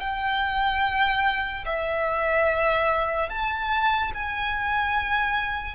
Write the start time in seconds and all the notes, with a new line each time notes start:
0.00 G5
1.65 E5
3.29 A5
4.14 G#5